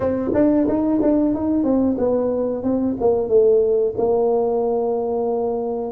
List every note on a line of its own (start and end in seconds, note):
0.00 0.31 C4
0.34 0.67 D4
0.67 1.00 D#4
1.02 1.34 D4
1.34 1.63 D#4
1.63 1.96 C4
1.98 2.63 B3
2.63 2.96 C4
3.00 3.28 A#3
3.28 3.94 A3
3.97 5.91 A#3